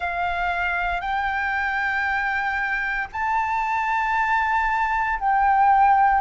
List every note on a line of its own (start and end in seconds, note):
0.00 1.01 F5
1.01 3.08 G5
3.12 5.19 A5
5.20 6.21 G5